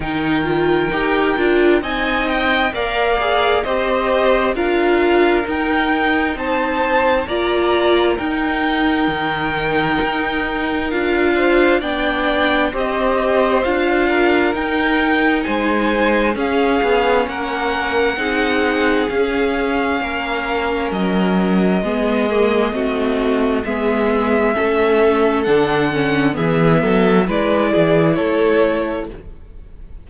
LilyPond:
<<
  \new Staff \with { instrumentName = "violin" } { \time 4/4 \tempo 4 = 66 g''2 gis''8 g''8 f''4 | dis''4 f''4 g''4 a''4 | ais''4 g''2. | f''4 g''4 dis''4 f''4 |
g''4 gis''4 f''4 fis''4~ | fis''4 f''2 dis''4~ | dis''2 e''2 | fis''4 e''4 d''4 cis''4 | }
  \new Staff \with { instrumentName = "violin" } { \time 4/4 ais'2 dis''4 d''4 | c''4 ais'2 c''4 | d''4 ais'2.~ | ais'8 c''8 d''4 c''4. ais'8~ |
ais'4 c''4 gis'4 ais'4 | gis'2 ais'2 | gis'4 fis'4 gis'4 a'4~ | a'4 gis'8 a'8 b'8 gis'8 a'4 | }
  \new Staff \with { instrumentName = "viola" } { \time 4/4 dis'8 f'8 g'8 f'8 dis'4 ais'8 gis'8 | g'4 f'4 dis'2 | f'4 dis'2. | f'4 d'4 g'4 f'4 |
dis'2 cis'2 | dis'4 cis'2. | b8 ais8 c'4 b4 cis'4 | d'8 cis'8 b4 e'2 | }
  \new Staff \with { instrumentName = "cello" } { \time 4/4 dis4 dis'8 d'8 c'4 ais4 | c'4 d'4 dis'4 c'4 | ais4 dis'4 dis4 dis'4 | d'4 b4 c'4 d'4 |
dis'4 gis4 cis'8 b8 ais4 | c'4 cis'4 ais4 fis4 | gis4 a4 gis4 a4 | d4 e8 fis8 gis8 e8 a4 | }
>>